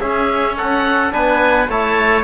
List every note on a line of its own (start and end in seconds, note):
0.00 1.14 C#4
0.00 1.11 C#4
0.00 0.57 G#4
0.00 0.57 E5
0.58 1.14 A4
0.58 1.14 F#5
1.11 1.69 B3
1.11 1.67 D4
1.11 1.70 B4
1.11 1.70 G#5
1.69 2.24 A3
1.69 2.24 E4
1.69 2.24 C#5
1.69 2.24 A5